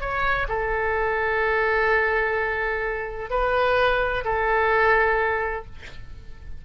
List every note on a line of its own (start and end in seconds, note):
0.00 0.47 C#5
0.48 3.29 A4
3.30 4.23 B4
4.24 5.65 A4